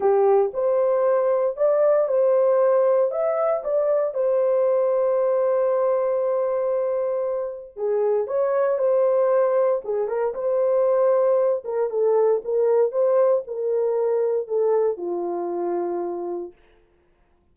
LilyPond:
\new Staff \with { instrumentName = "horn" } { \time 4/4 \tempo 4 = 116 g'4 c''2 d''4 | c''2 e''4 d''4 | c''1~ | c''2. gis'4 |
cis''4 c''2 gis'8 ais'8 | c''2~ c''8 ais'8 a'4 | ais'4 c''4 ais'2 | a'4 f'2. | }